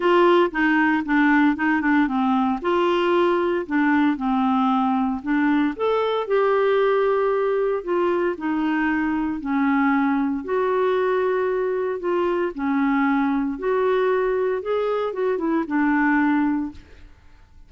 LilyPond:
\new Staff \with { instrumentName = "clarinet" } { \time 4/4 \tempo 4 = 115 f'4 dis'4 d'4 dis'8 d'8 | c'4 f'2 d'4 | c'2 d'4 a'4 | g'2. f'4 |
dis'2 cis'2 | fis'2. f'4 | cis'2 fis'2 | gis'4 fis'8 e'8 d'2 | }